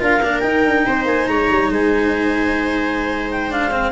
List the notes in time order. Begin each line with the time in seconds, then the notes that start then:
0.00 D4 F4 A#4 F5
0.22 A#3 D4
0.40 D#4 G5
0.65 D4
0.87 C4 C5
1.05 A#3 G#5
1.27 G#3 C#5 A#5
1.50 G3
1.70 G#3 C5 G#5
3.31 G5
3.51 D4 F5
3.71 C4